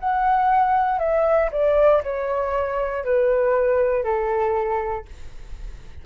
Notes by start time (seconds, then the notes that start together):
0.00 F#5
0.99 E5
1.52 D5
2.04 C#5
3.05 B4
4.04 A4